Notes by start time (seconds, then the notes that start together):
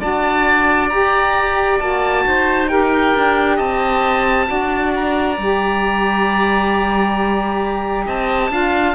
0.00 D4 F#4 D5 A5
0.90 G4 A#5
1.80 A#3 F#4 A5
2.26 D#4 C5
2.68 G4 A#4 G5
3.16 D4
3.56 C4 D#5 A5
4.46 D4 F#4 D5
4.96 A#5
5.38 G3 G4
8.06 C4 D#5 A5
8.50 D4 F4 F5